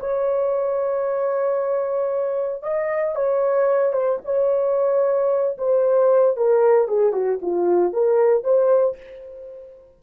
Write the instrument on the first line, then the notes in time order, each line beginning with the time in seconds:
horn
0.00 C#5
2.63 D#5
3.16 C#5
3.93 C5
4.25 C#5
5.58 C5
6.37 A#4
6.88 G#4
7.13 F#4
7.42 F4
7.93 A#4
8.44 C5